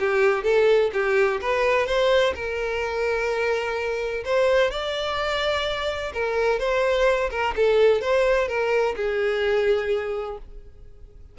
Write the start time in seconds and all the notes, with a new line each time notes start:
0.00 G4
0.44 A4
0.93 G4
1.42 B4
1.87 C5
2.35 A#4
4.25 C5
4.71 D5
6.14 A#4
6.59 C5
7.31 A#4
7.56 A4
8.02 C5
8.48 A#4
8.96 G#4